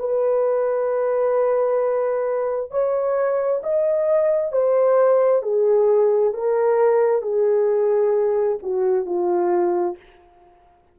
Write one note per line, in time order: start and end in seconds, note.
0.00 2.71 B4
2.71 3.62 C#5
3.64 4.52 D#5
4.52 5.43 C5
5.43 6.34 G#4
6.34 7.22 A#4
7.22 8.59 G#4
8.63 9.06 F#4
9.06 9.97 F4